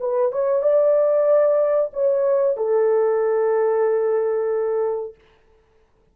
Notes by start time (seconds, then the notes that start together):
0.00 B4
0.32 C#5
0.62 D5
1.93 C#5
2.57 A4